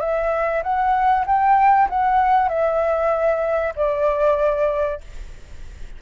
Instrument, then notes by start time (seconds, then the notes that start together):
flute
0.00 E5
0.63 F#5
1.26 G5
1.89 F#5
2.49 E5
3.76 D5